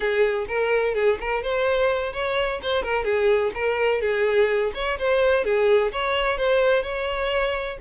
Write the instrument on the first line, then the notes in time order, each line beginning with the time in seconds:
violin
0.00 G#4
0.47 A#4
0.94 G#4
1.20 A#4
1.42 C5
2.13 C#5
2.62 C5
2.83 A#4
3.04 G#4
3.54 A#4
4.01 G#4
4.74 C#5
4.98 C5
5.44 G#4
5.92 C#5
6.37 C5
6.83 C#5